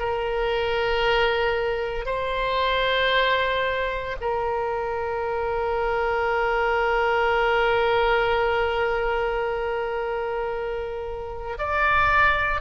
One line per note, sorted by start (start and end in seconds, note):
0.00 2.06 A#4
2.06 4.17 C5
4.21 11.58 A#4
11.59 12.61 D5